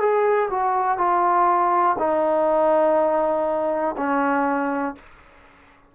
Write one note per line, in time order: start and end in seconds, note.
0.00 0.49 G#4
0.51 0.98 F#4
0.98 1.96 F4
1.99 3.96 D#4
3.97 4.95 C#4